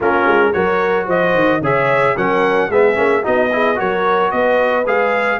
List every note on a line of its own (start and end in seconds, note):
0.00 0.27 A#3
0.00 0.53 C#4
0.00 0.51 F4
0.00 0.52 A#4
0.27 0.54 G#3
0.52 1.07 F#3
0.52 1.61 F#4
0.52 1.06 A#4
0.52 1.06 C#5
1.06 1.34 F3
1.06 1.60 C5
1.06 1.63 D#5
1.34 1.61 D#3
1.61 2.15 C#3
1.61 2.16 G#4
1.61 2.15 C#5
1.61 2.17 E5
2.16 2.69 F#3
2.16 2.70 C#4
2.16 2.69 A#4
2.16 2.71 F#5
2.69 2.96 G#3
2.69 2.95 B3
2.69 3.23 G#4
2.69 3.25 E5
2.95 3.24 A#3
2.95 3.22 C#4
3.23 3.80 B3
3.23 3.50 D#4
3.23 3.50 F#4
3.23 3.79 D#5
3.52 3.75 E4
3.52 3.78 G#4
3.75 4.32 F#3
3.75 4.83 F#4
3.75 4.32 A#4
3.75 4.31 C#5
4.31 4.86 B3
4.31 5.39 B4
4.31 4.85 D#5
4.86 5.39 G#3
4.86 5.39 G#4
4.86 5.39 F5